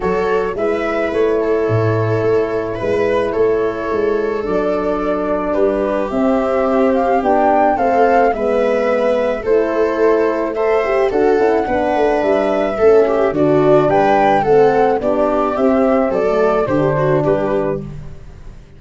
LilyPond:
<<
  \new Staff \with { instrumentName = "flute" } { \time 4/4 \tempo 4 = 108 cis''4 e''4 cis''2~ | cis''4 b'4 cis''2 | d''2 b'4 e''4~ | e''8 f''8 g''4 f''4 e''4~ |
e''4 c''2 e''4 | fis''2 e''2 | d''4 g''4 fis''4 d''4 | e''4 d''4 c''4 b'4 | }
  \new Staff \with { instrumentName = "viola" } { \time 4/4 a'4 b'4. a'4.~ | a'4 b'4 a'2~ | a'2 g'2~ | g'2 a'4 b'4~ |
b'4 a'2 c''4 | a'4 b'2 a'8 g'8 | fis'4 b'4 a'4 g'4~ | g'4 a'4 g'8 fis'8 g'4 | }
  \new Staff \with { instrumentName = "horn" } { \time 4/4 fis'4 e'2.~ | e'1 | d'2. c'4~ | c'4 d'4 c'4 b4~ |
b4 e'2 a'8 g'8 | fis'8 e'8 d'2 cis'4 | d'2 c'4 d'4 | c'4~ c'16 a8. d'2 | }
  \new Staff \with { instrumentName = "tuba" } { \time 4/4 fis4 gis4 a4 a,4 | a4 gis4 a4 gis4 | fis2 g4 c'4~ | c'4 b4 a4 gis4~ |
gis4 a2. | d'8 cis'8 b8 a8 g4 a4 | d4 g4 a4 b4 | c'4 fis4 d4 g4 | }
>>